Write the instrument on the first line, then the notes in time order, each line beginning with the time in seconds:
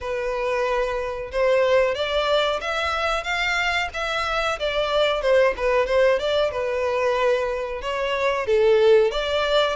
violin
0.00 B4
1.31 C5
1.94 D5
2.61 E5
3.23 F5
3.93 E5
4.59 D5
5.21 C5
5.56 B4
5.86 C5
6.19 D5
6.51 B4
7.81 C#5
8.46 A4
9.11 D5